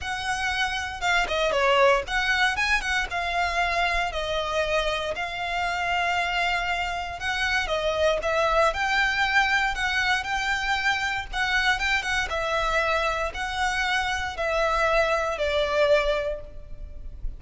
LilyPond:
\new Staff \with { instrumentName = "violin" } { \time 4/4 \tempo 4 = 117 fis''2 f''8 dis''8 cis''4 | fis''4 gis''8 fis''8 f''2 | dis''2 f''2~ | f''2 fis''4 dis''4 |
e''4 g''2 fis''4 | g''2 fis''4 g''8 fis''8 | e''2 fis''2 | e''2 d''2 | }